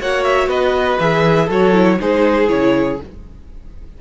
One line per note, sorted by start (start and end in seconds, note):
0.00 0.47 A#3
0.00 1.00 F#4
0.00 0.49 C#5
0.00 0.23 F#5
0.23 0.48 E5
0.47 0.97 B3
0.47 1.45 B4
0.47 0.99 D#5
0.99 1.49 E3
0.99 1.50 G#4
0.99 1.49 E5
1.45 1.99 F#3
1.45 1.73 F#4
1.45 1.95 A4
1.45 2.01 C#5
1.73 1.98 E4
1.99 2.50 G#3
1.99 2.47 D#4
1.99 3.01 G#4
1.99 2.49 C5
2.47 3.00 C#3
2.47 2.97 E4
2.47 2.99 C#5